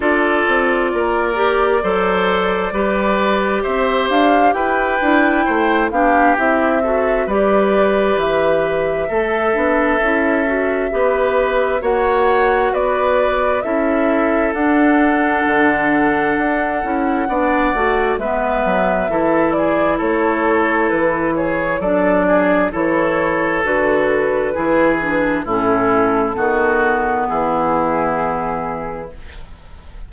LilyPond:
<<
  \new Staff \with { instrumentName = "flute" } { \time 4/4 \tempo 4 = 66 d''1 | e''8 f''8 g''4. f''8 e''4 | d''4 e''2.~ | e''4 fis''4 d''4 e''4 |
fis''1 | e''4. d''8 cis''4 b'8 cis''8 | d''4 cis''4 b'2 | a'2 gis'2 | }
  \new Staff \with { instrumentName = "oboe" } { \time 4/4 a'4 ais'4 c''4 b'4 | c''4 b'4 c''8 g'4 a'8 | b'2 a'2 | b'4 cis''4 b'4 a'4~ |
a'2. d''4 | b'4 a'8 gis'8 a'4. gis'8 | a'8 gis'8 a'2 gis'4 | e'4 fis'4 e'2 | }
  \new Staff \with { instrumentName = "clarinet" } { \time 4/4 f'4. g'8 a'4 g'4~ | g'4. e'4 d'8 e'8 fis'8 | g'2 a'8 d'8 e'8 fis'8 | g'4 fis'2 e'4 |
d'2~ d'8 e'8 d'8 fis'8 | b4 e'2. | d'4 e'4 fis'4 e'8 d'8 | cis'4 b2. | }
  \new Staff \with { instrumentName = "bassoon" } { \time 4/4 d'8 c'8 ais4 fis4 g4 | c'8 d'8 e'8 d'8 a8 b8 c'4 | g4 e4 a8 b8 cis'4 | b4 ais4 b4 cis'4 |
d'4 d4 d'8 cis'8 b8 a8 | gis8 fis8 e4 a4 e4 | fis4 e4 d4 e4 | a,4 dis4 e2 | }
>>